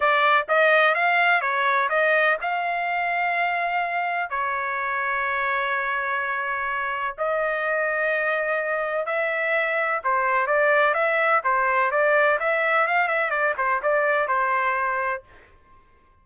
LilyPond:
\new Staff \with { instrumentName = "trumpet" } { \time 4/4 \tempo 4 = 126 d''4 dis''4 f''4 cis''4 | dis''4 f''2.~ | f''4 cis''2.~ | cis''2. dis''4~ |
dis''2. e''4~ | e''4 c''4 d''4 e''4 | c''4 d''4 e''4 f''8 e''8 | d''8 c''8 d''4 c''2 | }